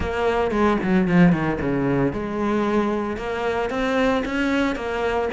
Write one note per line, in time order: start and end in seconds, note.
0.00 0.51 A#3
0.51 0.77 G#3
0.83 1.07 F#3
1.07 1.32 F3
1.32 1.59 D#3
1.60 2.12 C#3
2.12 3.16 G#3
3.16 3.70 A#3
3.70 4.23 C4
4.25 4.75 C#4
4.75 5.28 A#3